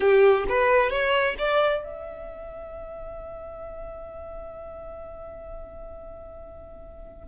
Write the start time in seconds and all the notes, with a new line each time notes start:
0.00 G4
0.48 B4
0.89 C#5
1.38 D5
1.83 E5